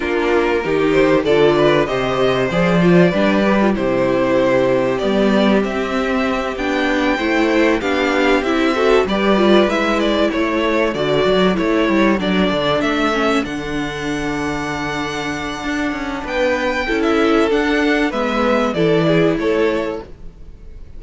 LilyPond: <<
  \new Staff \with { instrumentName = "violin" } { \time 4/4 \tempo 4 = 96 ais'4. c''8 d''4 dis''4 | d''2 c''2 | d''4 e''4. g''4.~ | g''8 f''4 e''4 d''4 e''8 |
d''8 cis''4 d''4 cis''4 d''8~ | d''8 e''4 fis''2~ fis''8~ | fis''2 g''4~ g''16 e''8. | fis''4 e''4 d''4 cis''4 | }
  \new Staff \with { instrumentName = "violin" } { \time 4/4 f'4 g'4 a'8 b'8 c''4~ | c''4 b'4 g'2~ | g'2.~ g'8 c''8~ | c''8 g'4. a'8 b'4.~ |
b'8 a'2.~ a'8~ | a'1~ | a'2 b'4 a'4~ | a'4 b'4 a'8 gis'8 a'4 | }
  \new Staff \with { instrumentName = "viola" } { \time 4/4 d'4 dis'4 f'4 g'4 | gis'8 f'8 d'8 g'16 f'16 e'2 | b4 c'4. d'4 e'8~ | e'8 d'4 e'8 fis'8 g'8 f'8 e'8~ |
e'4. fis'4 e'4 d'8~ | d'4 cis'8 d'2~ d'8~ | d'2. e'4 | d'4 b4 e'2 | }
  \new Staff \with { instrumentName = "cello" } { \time 4/4 ais4 dis4 d4 c4 | f4 g4 c2 | g4 c'4. b4 a8~ | a8 b4 c'4 g4 gis8~ |
gis8 a4 d8 fis8 a8 g8 fis8 | d8 a4 d2~ d8~ | d4 d'8 cis'8 b4 cis'4 | d'4 gis4 e4 a4 | }
>>